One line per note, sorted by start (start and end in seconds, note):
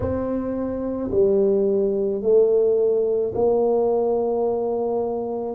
0.00 1.10 C4
1.11 2.22 G3
2.22 3.33 A3
3.34 5.55 A#3